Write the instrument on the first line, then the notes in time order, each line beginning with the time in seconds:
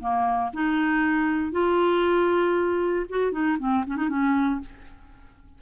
clarinet
0.00 A#3
0.53 D#4
1.52 F4
3.09 F#4
3.32 D#4
3.59 C4
3.87 C#4
3.96 D#4
4.09 C#4